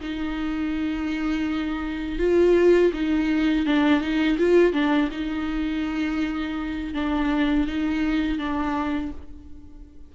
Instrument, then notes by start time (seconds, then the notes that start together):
viola
0.00 D#4
2.19 F4
2.93 D#4
3.66 D4
4.01 D#4
4.38 F4
4.73 D4
5.11 D#4
6.94 D4
7.67 D#4
8.38 D4